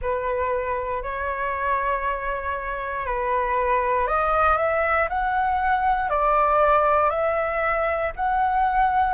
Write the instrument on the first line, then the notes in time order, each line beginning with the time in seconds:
flute
0.01 B4
1.03 C#5
3.06 B4
4.07 D#5
4.57 E5
5.08 F#5
6.09 D5
7.10 E5
8.16 F#5